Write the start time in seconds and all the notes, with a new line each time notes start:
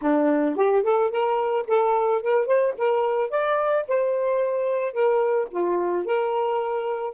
0.01 D4
0.56 G4
0.83 A4
1.10 A#4
1.67 A4
2.22 A#4
2.46 C5
2.77 A#4
3.30 D5
3.88 C5
4.92 A#4
5.50 F4
6.05 A#4